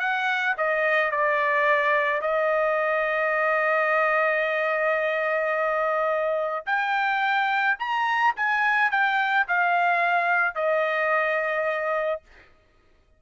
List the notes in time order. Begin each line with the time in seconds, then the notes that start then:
0.00 F#5
0.58 D#5
1.11 D5
2.21 D#5
6.66 G5
7.79 A#5
8.36 G#5
8.91 G5
9.48 F5
10.55 D#5